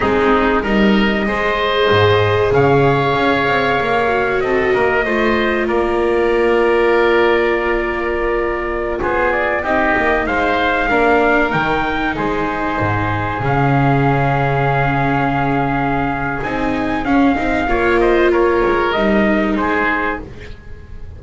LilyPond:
<<
  \new Staff \with { instrumentName = "trumpet" } { \time 4/4 \tempo 4 = 95 gis'4 dis''2. | f''2. dis''4~ | dis''4 d''2.~ | d''2~ d''16 c''8 d''8 dis''8.~ |
dis''16 f''2 g''4 c''8.~ | c''4~ c''16 f''2~ f''8.~ | f''2 gis''4 f''4~ | f''8 dis''8 cis''4 dis''4 c''4 | }
  \new Staff \with { instrumentName = "oboe" } { \time 4/4 dis'4 ais'4 c''2 | cis''2. a'8 ais'8 | c''4 ais'2.~ | ais'2~ ais'16 gis'4 g'8.~ |
g'16 c''4 ais'2 gis'8.~ | gis'1~ | gis'1 | cis''8 c''8 ais'2 gis'4 | }
  \new Staff \with { instrumentName = "viola" } { \time 4/4 c'4 dis'4 gis'2~ | gis'2~ gis'8 fis'4. | f'1~ | f'2.~ f'16 dis'8.~ |
dis'4~ dis'16 d'4 dis'4.~ dis'16~ | dis'4~ dis'16 cis'2~ cis'8.~ | cis'2 dis'4 cis'8 dis'8 | f'2 dis'2 | }
  \new Staff \with { instrumentName = "double bass" } { \time 4/4 gis4 g4 gis4 gis,4 | cis4 cis'8 c'8 ais4 c'8 ais8 | a4 ais2.~ | ais2~ ais16 b4 c'8 ais16~ |
ais16 gis4 ais4 dis4 gis8.~ | gis16 gis,4 cis2~ cis8.~ | cis2 c'4 cis'8 c'8 | ais4. gis8 g4 gis4 | }
>>